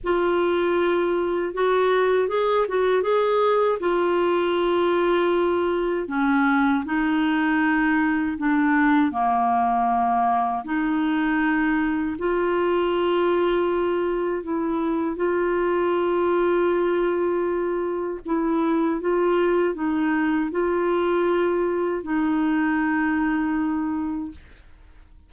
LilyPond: \new Staff \with { instrumentName = "clarinet" } { \time 4/4 \tempo 4 = 79 f'2 fis'4 gis'8 fis'8 | gis'4 f'2. | cis'4 dis'2 d'4 | ais2 dis'2 |
f'2. e'4 | f'1 | e'4 f'4 dis'4 f'4~ | f'4 dis'2. | }